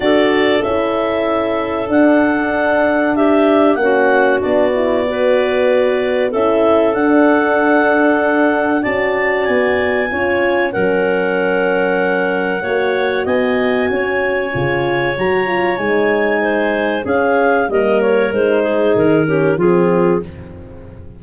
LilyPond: <<
  \new Staff \with { instrumentName = "clarinet" } { \time 4/4 \tempo 4 = 95 d''4 e''2 fis''4~ | fis''4 e''4 fis''4 d''4~ | d''2 e''4 fis''4~ | fis''2 a''4 gis''4~ |
gis''4 fis''2.~ | fis''4 gis''2. | ais''4 gis''2 f''4 | dis''8 cis''8 c''4 ais'4 gis'4 | }
  \new Staff \with { instrumentName = "clarinet" } { \time 4/4 a'1~ | a'4 g'4 fis'2 | b'2 a'2~ | a'2 d''2 |
cis''4 ais'2. | cis''4 dis''4 cis''2~ | cis''2 c''4 gis'4 | ais'4. gis'4 g'8 f'4 | }
  \new Staff \with { instrumentName = "horn" } { \time 4/4 fis'4 e'2 d'4~ | d'2 cis'4 d'8 e'8 | fis'2 e'4 d'4~ | d'2 fis'2 |
f'4 cis'2. | fis'2. f'4 | fis'8 f'8 dis'2 cis'4 | ais4 dis'4. cis'8 c'4 | }
  \new Staff \with { instrumentName = "tuba" } { \time 4/4 d'4 cis'2 d'4~ | d'2 ais4 b4~ | b2 cis'4 d'4~ | d'2 cis'4 b4 |
cis'4 fis2. | ais4 b4 cis'4 cis4 | fis4 gis2 cis'4 | g4 gis4 dis4 f4 | }
>>